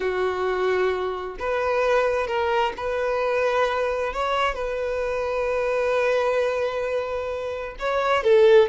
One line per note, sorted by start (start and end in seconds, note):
0.00 1.36 F#4
1.39 2.27 B4
2.27 2.73 A#4
2.76 4.13 B4
4.13 4.54 C#5
4.54 7.75 B4
7.79 8.23 C#5
8.23 8.69 A4